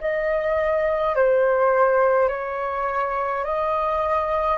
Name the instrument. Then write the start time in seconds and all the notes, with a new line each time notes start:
flute
0.00 D#5
1.15 C5
2.29 C#5
3.44 D#5